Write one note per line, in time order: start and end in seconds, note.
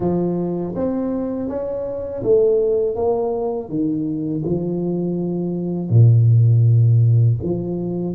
0.00 0.74 F3
0.75 1.48 C4
1.48 2.23 C#4
2.23 2.95 A3
2.95 3.69 A#3
3.69 4.43 D#3
4.44 5.89 F3
5.89 7.37 A#2
7.42 8.15 F3